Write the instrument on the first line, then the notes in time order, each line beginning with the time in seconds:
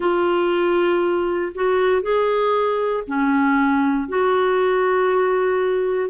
clarinet
0.00 F4
1.54 F#4
2.02 G#4
3.07 C#4
4.08 F#4